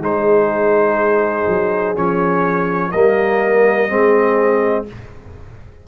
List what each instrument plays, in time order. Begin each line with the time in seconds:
0.00 tuba G#3, trombone D#4, horn G#4, trumpet C5
1.48 tuba F#3
1.95 tuba F3, trombone C#4, trumpet C#5
2.91 tuba G3, trombone A#3, horn A#4, trumpet D#5
3.89 tuba G#3, trombone C4, horn G#4